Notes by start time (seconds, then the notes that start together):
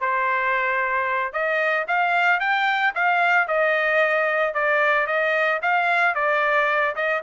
0.00 C5
1.32 D#5
1.87 F5
2.40 G5
2.95 F5
3.47 D#5
4.54 D5
5.06 D#5
5.62 F5
6.15 D5
6.95 D#5